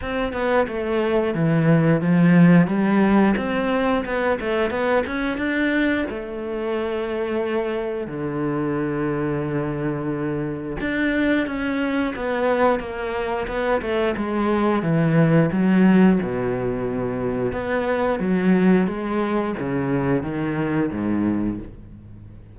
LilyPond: \new Staff \with { instrumentName = "cello" } { \time 4/4 \tempo 4 = 89 c'8 b8 a4 e4 f4 | g4 c'4 b8 a8 b8 cis'8 | d'4 a2. | d1 |
d'4 cis'4 b4 ais4 | b8 a8 gis4 e4 fis4 | b,2 b4 fis4 | gis4 cis4 dis4 gis,4 | }